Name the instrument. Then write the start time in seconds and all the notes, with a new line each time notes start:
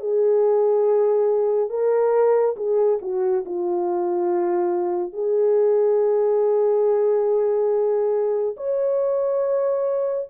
horn
0.00 G#4
1.70 A#4
2.57 G#4
3.02 F#4
3.45 F4
5.13 G#4
8.57 C#5